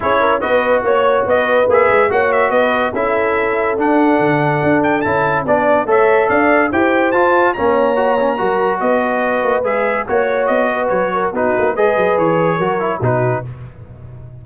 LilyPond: <<
  \new Staff \with { instrumentName = "trumpet" } { \time 4/4 \tempo 4 = 143 cis''4 dis''4 cis''4 dis''4 | e''4 fis''8 e''8 dis''4 e''4~ | e''4 fis''2~ fis''8 g''8 | a''4 d''4 e''4 f''4 |
g''4 a''4 ais''2~ | ais''4 dis''2 e''4 | cis''4 dis''4 cis''4 b'4 | dis''4 cis''2 b'4 | }
  \new Staff \with { instrumentName = "horn" } { \time 4/4 gis'8 ais'8 b'4 cis''4 b'4~ | b'4 cis''4 b'4 a'4~ | a'1~ | a'4 d''4 cis''4 d''4 |
c''2 cis''2 | ais'4 b'2. | cis''4. b'4 ais'8 fis'4 | b'2 ais'4 fis'4 | }
  \new Staff \with { instrumentName = "trombone" } { \time 4/4 e'4 fis'2. | gis'4 fis'2 e'4~ | e'4 d'2. | e'4 d'4 a'2 |
g'4 f'4 cis'4 fis'8 cis'8 | fis'2. gis'4 | fis'2. dis'4 | gis'2 fis'8 e'8 dis'4 | }
  \new Staff \with { instrumentName = "tuba" } { \time 4/4 cis'4 b4 ais4 b4 | ais8 gis8 ais4 b4 cis'4~ | cis'4 d'4 d4 d'4 | cis'4 b4 a4 d'4 |
e'4 f'4 ais2 | fis4 b4. ais8 gis4 | ais4 b4 fis4 b8 ais8 | gis8 fis8 e4 fis4 b,4 | }
>>